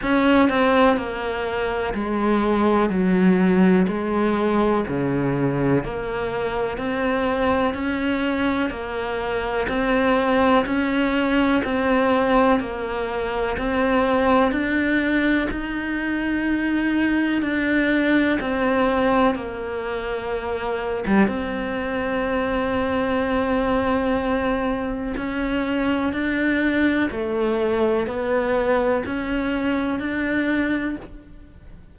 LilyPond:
\new Staff \with { instrumentName = "cello" } { \time 4/4 \tempo 4 = 62 cis'8 c'8 ais4 gis4 fis4 | gis4 cis4 ais4 c'4 | cis'4 ais4 c'4 cis'4 | c'4 ais4 c'4 d'4 |
dis'2 d'4 c'4 | ais4.~ ais16 g16 c'2~ | c'2 cis'4 d'4 | a4 b4 cis'4 d'4 | }